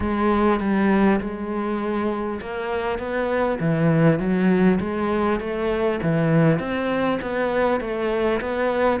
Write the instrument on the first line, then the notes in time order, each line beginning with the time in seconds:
cello
0.00 G#3
0.60 G3
1.20 G#3
2.41 A#3
2.98 B3
3.60 E3
4.19 F#3
4.79 G#3
5.40 A3
6.02 E3
6.59 C4
7.21 B3
7.80 A3
8.40 B3